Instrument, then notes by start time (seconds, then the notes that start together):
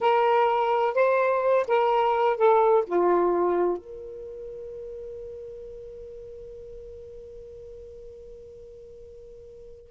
saxophone
0.01 A#4
0.94 C5
1.67 A#4
2.36 A4
2.86 F4
3.77 A#4